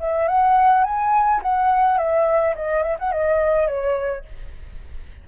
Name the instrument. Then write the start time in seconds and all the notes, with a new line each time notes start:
flute
0.00 E5
0.28 F#5
0.84 G#5
1.43 F#5
1.98 E5
2.56 D#5
2.83 E5
2.99 F#5
3.12 D#5
3.68 C#5